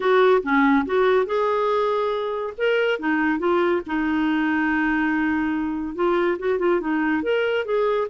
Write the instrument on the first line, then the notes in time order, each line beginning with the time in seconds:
clarinet
0.00 F#4
0.42 C#4
0.85 F#4
1.26 G#4
2.57 A#4
2.99 D#4
3.38 F4
3.86 D#4
5.95 F4
6.38 F#4
6.59 F4
6.80 D#4
7.22 A#4
7.65 G#4